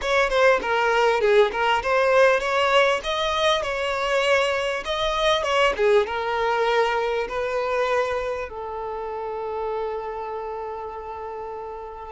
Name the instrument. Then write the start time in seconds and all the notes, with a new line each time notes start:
violin
0.01 C#5
0.29 C5
0.61 A#4
1.20 G#4
1.52 A#4
1.83 C5
2.39 C#5
3.03 D#5
3.62 C#5
4.84 D#5
5.43 C#5
5.77 G#4
6.06 A#4
7.28 B4
8.49 A4